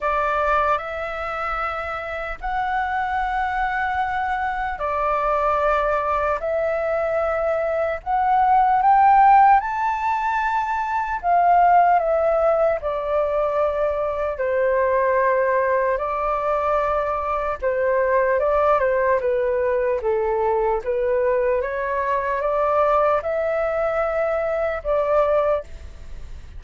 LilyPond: \new Staff \with { instrumentName = "flute" } { \time 4/4 \tempo 4 = 75 d''4 e''2 fis''4~ | fis''2 d''2 | e''2 fis''4 g''4 | a''2 f''4 e''4 |
d''2 c''2 | d''2 c''4 d''8 c''8 | b'4 a'4 b'4 cis''4 | d''4 e''2 d''4 | }